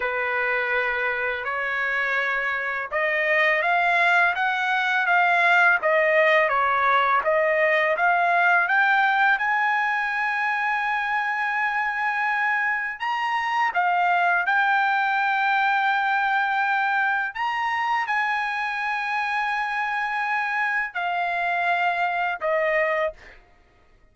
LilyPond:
\new Staff \with { instrumentName = "trumpet" } { \time 4/4 \tempo 4 = 83 b'2 cis''2 | dis''4 f''4 fis''4 f''4 | dis''4 cis''4 dis''4 f''4 | g''4 gis''2.~ |
gis''2 ais''4 f''4 | g''1 | ais''4 gis''2.~ | gis''4 f''2 dis''4 | }